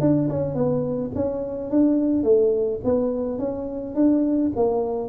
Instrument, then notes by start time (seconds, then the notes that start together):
tuba
0.00 D4
0.29 C#4
0.54 B3
1.15 C#4
1.70 D4
2.23 A3
2.84 B3
3.38 C#4
3.95 D4
4.55 A#3